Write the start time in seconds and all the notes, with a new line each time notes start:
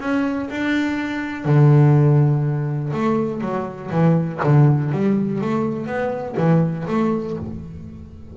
0.00 C#4
0.50 D4
1.45 D3
2.93 A3
3.41 F#3
3.91 E3
4.44 D3
4.92 G3
5.41 A3
5.86 B3
6.37 E3
6.88 A3